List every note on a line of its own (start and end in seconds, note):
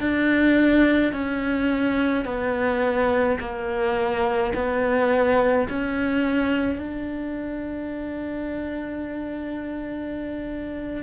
0.00 1.13 D4
1.13 2.25 C#4
2.25 3.38 B3
3.40 4.53 A#3
4.54 5.68 B3
5.69 6.79 C#4
6.79 11.03 D4